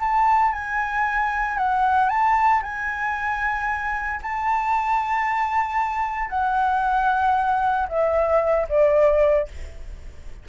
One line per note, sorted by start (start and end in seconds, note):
0.00 0.53 A5
0.53 1.57 G#5
1.57 2.09 F#5
2.09 2.62 A5
2.62 4.20 G#5
4.22 6.29 A5
6.29 7.87 F#5
7.88 8.67 E5
8.69 9.48 D5